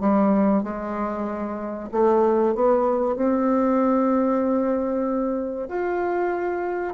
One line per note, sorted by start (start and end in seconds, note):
0.00 0.63 G3
0.63 1.89 G#3
1.91 2.55 A3
2.55 3.16 B3
3.16 5.68 C4
5.68 6.94 F4